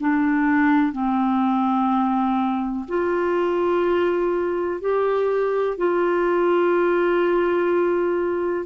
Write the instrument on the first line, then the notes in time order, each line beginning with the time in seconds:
clarinet
0.00 D4
0.92 C4
2.88 F4
4.81 G4
5.78 F4